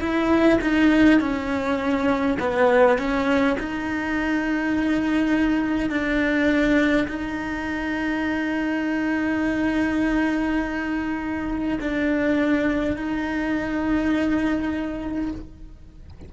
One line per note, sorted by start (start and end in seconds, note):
0.00 0.59 E4
0.61 1.20 D#4
1.20 2.38 C#4
2.39 2.98 B3
2.98 3.57 C#4
3.59 5.90 D#4
5.90 7.07 D4
7.08 11.79 D#4
11.81 12.97 D4
12.97 15.32 D#4